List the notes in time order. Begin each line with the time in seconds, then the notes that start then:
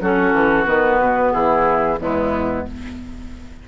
0.00 F#3 C#4 F#4 A4
0.32 E3
0.65 D#3 B3 B4
1.00 B2
1.32 E3 E4 G#4
1.98 E2 G#3 B3 E4